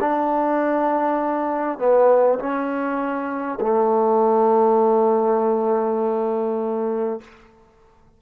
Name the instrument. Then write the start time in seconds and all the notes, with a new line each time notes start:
trombone
0.00 D4
1.78 B3
2.39 C#4
3.61 A3